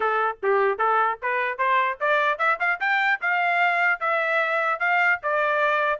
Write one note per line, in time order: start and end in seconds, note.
0.00 0.38 A4
0.43 0.78 G4
0.78 1.18 A4
1.22 1.58 B4
1.58 1.98 C5
2.00 2.38 D5
2.38 2.58 E5
2.59 2.79 F5
2.79 3.19 G5
3.21 3.99 F5
3.99 4.79 E5
4.79 5.19 F5
5.22 5.99 D5